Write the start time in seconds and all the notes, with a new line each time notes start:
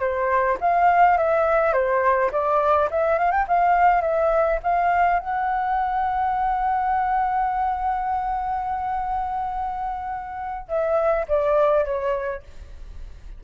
0.00 C5
0.61 F5
1.18 E5
1.73 C5
2.32 D5
2.91 E5
3.19 F5
3.32 G5
3.48 F5
4.02 E5
4.63 F5
5.20 F#5
10.69 E5
11.29 D5
11.85 C#5